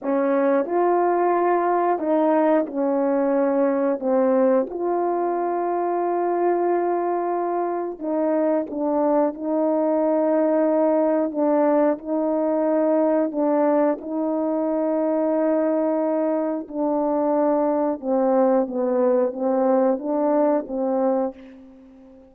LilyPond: \new Staff \with { instrumentName = "horn" } { \time 4/4 \tempo 4 = 90 cis'4 f'2 dis'4 | cis'2 c'4 f'4~ | f'1 | dis'4 d'4 dis'2~ |
dis'4 d'4 dis'2 | d'4 dis'2.~ | dis'4 d'2 c'4 | b4 c'4 d'4 c'4 | }